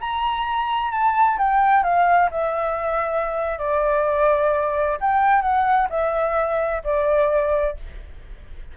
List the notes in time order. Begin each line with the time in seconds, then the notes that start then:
0.00 A#5
0.91 A5
1.37 G5
1.83 F5
2.30 E5
3.58 D5
5.00 G5
5.41 F#5
5.89 E5
6.84 D5